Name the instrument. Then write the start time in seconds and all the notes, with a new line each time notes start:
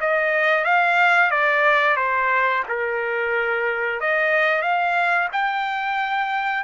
trumpet
0.00 D#5
0.64 F5
1.31 D5
1.96 C5
2.68 A#4
4.00 D#5
4.62 F5
5.32 G5